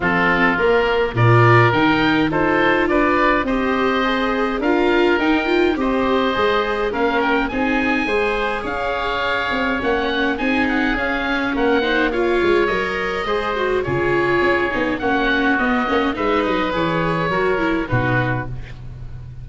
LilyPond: <<
  \new Staff \with { instrumentName = "oboe" } { \time 4/4 \tempo 4 = 104 a'4 ais'4 d''4 g''4 | c''4 d''4 dis''2 | f''4 g''4 dis''2 | f''8 g''8 gis''2 f''4~ |
f''4 fis''4 gis''8 fis''8 f''4 | fis''4 f''4 dis''2 | cis''2 fis''4 dis''4 | e''8 dis''8 cis''2 b'4 | }
  \new Staff \with { instrumentName = "oboe" } { \time 4/4 f'2 ais'2 | a'4 b'4 c''2 | ais'2 c''2 | ais'4 gis'4 c''4 cis''4~ |
cis''2 gis'2 | ais'8 c''8 cis''2 c''4 | gis'2 fis'2 | b'2 ais'4 fis'4 | }
  \new Staff \with { instrumentName = "viola" } { \time 4/4 c'4 ais4 f'4 dis'4 | f'2 g'4 gis'4 | f'4 dis'8 f'8 g'4 gis'4 | cis'4 dis'4 gis'2~ |
gis'4 cis'4 dis'4 cis'4~ | cis'8 dis'8 f'4 ais'4 gis'8 fis'8 | f'4. dis'8 cis'4 b8 cis'8 | dis'4 gis'4 fis'8 e'8 dis'4 | }
  \new Staff \with { instrumentName = "tuba" } { \time 4/4 f4 ais4 ais,4 dis4 | dis'4 d'4 c'2 | d'4 dis'4 c'4 gis4 | ais4 c'4 gis4 cis'4~ |
cis'8 c'8 ais4 c'4 cis'4 | ais4. gis8 fis4 gis4 | cis4 cis'8 b8 ais4 b8 ais8 | gis8 fis8 e4 fis4 b,4 | }
>>